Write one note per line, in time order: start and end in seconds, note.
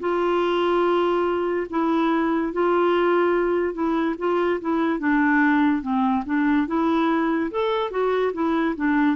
0.00 1.67 F4
1.70 2.53 E4
2.53 3.73 F4
3.73 4.15 E4
4.18 4.60 F4
4.61 4.99 E4
4.99 5.82 D4
5.82 6.24 C4
6.26 6.67 D4
6.67 7.51 E4
7.51 7.91 A4
7.91 8.33 F#4
8.33 8.75 E4
8.76 9.16 D4